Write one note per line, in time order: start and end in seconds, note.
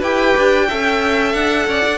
0.00 0.36 E4
0.00 0.70 G4
0.00 0.66 B4
0.00 1.34 G5
0.38 0.71 D4
0.69 1.34 C#4
0.69 1.99 A4
0.69 1.68 E5
1.34 1.67 D4
1.34 1.99 F#5
1.68 1.84 C#4
1.68 1.99 D5
1.87 1.99 D4